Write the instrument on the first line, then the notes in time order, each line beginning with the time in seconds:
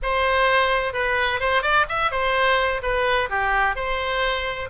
oboe
0.02 C5
0.93 B4
1.40 C5
1.62 D5
1.88 E5
2.11 C5
2.82 B4
3.29 G4
3.75 C5